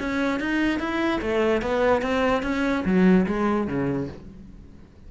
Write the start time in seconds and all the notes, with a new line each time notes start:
0.00 C#4
0.40 D#4
0.79 E4
1.22 A3
1.62 B3
2.02 C4
2.43 C#4
2.85 F#3
3.26 G#3
3.67 C#3